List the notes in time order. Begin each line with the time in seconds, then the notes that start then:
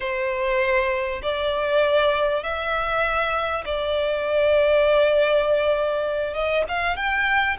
0.00 C5
1.22 D5
2.43 E5
3.65 D5
6.33 D#5
6.68 F5
6.96 G5